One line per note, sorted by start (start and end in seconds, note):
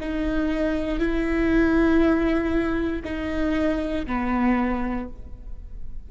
0.00 0.99 D#4
0.99 3.02 E4
3.04 4.06 D#4
4.06 5.08 B3